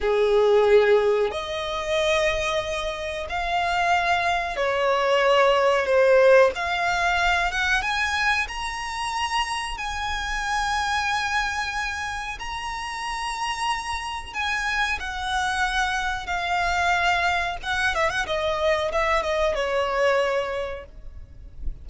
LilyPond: \new Staff \with { instrumentName = "violin" } { \time 4/4 \tempo 4 = 92 gis'2 dis''2~ | dis''4 f''2 cis''4~ | cis''4 c''4 f''4. fis''8 | gis''4 ais''2 gis''4~ |
gis''2. ais''4~ | ais''2 gis''4 fis''4~ | fis''4 f''2 fis''8 e''16 fis''16 | dis''4 e''8 dis''8 cis''2 | }